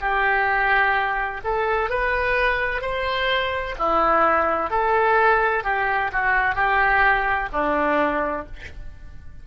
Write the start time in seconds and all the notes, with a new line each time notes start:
0.00 G4
1.44 A4
1.90 B4
2.81 C5
3.78 E4
4.70 A4
5.64 G4
6.12 F#4
6.55 G4
7.52 D4